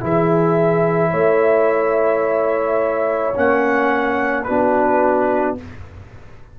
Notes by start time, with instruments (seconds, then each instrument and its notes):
0.00 tuba E3, trombone E4, horn G#4, trumpet E5
1.10 tuba A3, horn C#5
3.35 tuba A#3, trombone C#4, trumpet F#5
4.44 tuba B3, trombone D4, horn F#4, trumpet B4